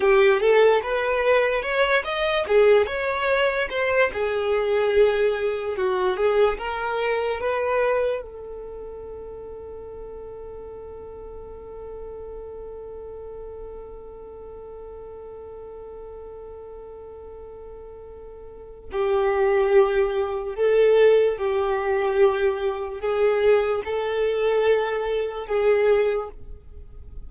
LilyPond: \new Staff \with { instrumentName = "violin" } { \time 4/4 \tempo 4 = 73 g'8 a'8 b'4 cis''8 dis''8 gis'8 cis''8~ | cis''8 c''8 gis'2 fis'8 gis'8 | ais'4 b'4 a'2~ | a'1~ |
a'1~ | a'2. g'4~ | g'4 a'4 g'2 | gis'4 a'2 gis'4 | }